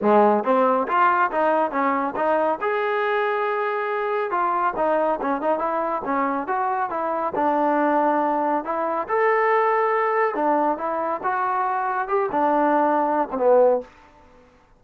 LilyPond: \new Staff \with { instrumentName = "trombone" } { \time 4/4 \tempo 4 = 139 gis4 c'4 f'4 dis'4 | cis'4 dis'4 gis'2~ | gis'2 f'4 dis'4 | cis'8 dis'8 e'4 cis'4 fis'4 |
e'4 d'2. | e'4 a'2. | d'4 e'4 fis'2 | g'8 d'2~ d'16 c'16 b4 | }